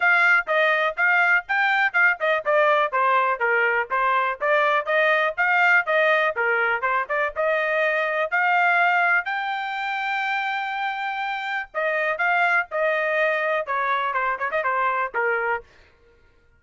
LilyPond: \new Staff \with { instrumentName = "trumpet" } { \time 4/4 \tempo 4 = 123 f''4 dis''4 f''4 g''4 | f''8 dis''8 d''4 c''4 ais'4 | c''4 d''4 dis''4 f''4 | dis''4 ais'4 c''8 d''8 dis''4~ |
dis''4 f''2 g''4~ | g''1 | dis''4 f''4 dis''2 | cis''4 c''8 cis''16 dis''16 c''4 ais'4 | }